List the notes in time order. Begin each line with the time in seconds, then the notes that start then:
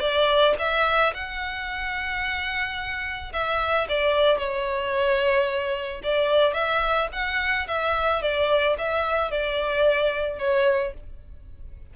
0.00 D5
0.59 E5
1.14 F#5
3.33 E5
3.89 D5
4.38 C#5
6.03 D5
6.54 E5
7.13 F#5
7.68 E5
8.22 D5
8.78 E5
9.31 D5
10.39 C#5